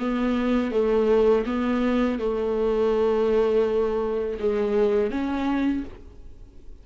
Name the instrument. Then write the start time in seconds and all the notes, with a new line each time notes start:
viola
0.00 B3
0.72 A3
1.46 B3
2.20 A3
4.40 G#3
5.11 C#4